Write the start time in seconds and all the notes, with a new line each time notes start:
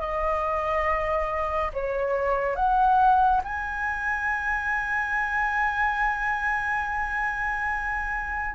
0.00 D#5
1.73 C#5
2.56 F#5
3.44 G#5